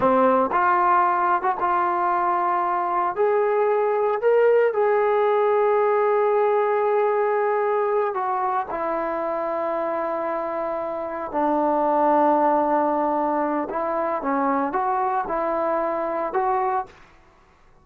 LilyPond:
\new Staff \with { instrumentName = "trombone" } { \time 4/4 \tempo 4 = 114 c'4 f'4.~ f'16 fis'16 f'4~ | f'2 gis'2 | ais'4 gis'2.~ | gis'2.~ gis'8 fis'8~ |
fis'8 e'2.~ e'8~ | e'4. d'2~ d'8~ | d'2 e'4 cis'4 | fis'4 e'2 fis'4 | }